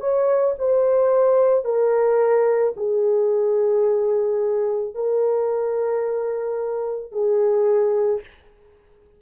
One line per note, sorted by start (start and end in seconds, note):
0.00 0.55 C#5
0.59 1.65 C5
1.65 2.74 A#4
2.77 4.94 G#4
4.94 7.12 A#4
7.12 8.21 G#4